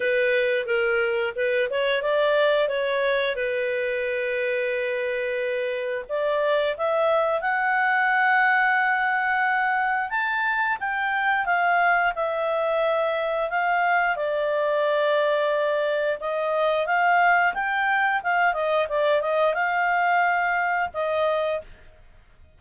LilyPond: \new Staff \with { instrumentName = "clarinet" } { \time 4/4 \tempo 4 = 89 b'4 ais'4 b'8 cis''8 d''4 | cis''4 b'2.~ | b'4 d''4 e''4 fis''4~ | fis''2. a''4 |
g''4 f''4 e''2 | f''4 d''2. | dis''4 f''4 g''4 f''8 dis''8 | d''8 dis''8 f''2 dis''4 | }